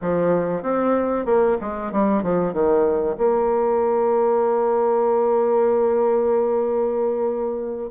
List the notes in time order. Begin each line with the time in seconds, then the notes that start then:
0.01 F3
0.62 C4
1.25 A#3
1.60 G#3
1.91 G3
2.22 F3
2.53 D#3
3.17 A#3